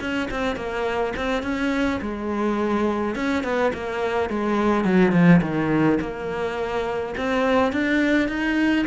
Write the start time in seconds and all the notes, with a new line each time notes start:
0.00 C#4
0.30 C4
0.56 A#3
1.16 C4
1.42 C#4
2.01 G#3
3.15 C#4
3.43 B3
3.73 A#3
4.29 G#3
4.84 F#3
5.12 F3
5.41 D#3
6.00 A#3
7.17 C4
7.72 D4
8.28 D#4